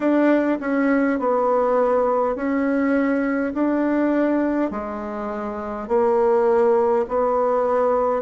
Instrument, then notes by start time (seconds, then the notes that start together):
bassoon
0.00 D4
0.60 C#4
1.19 B3
2.35 C#4
3.53 D4
4.71 G#3
5.88 A#3
7.08 B3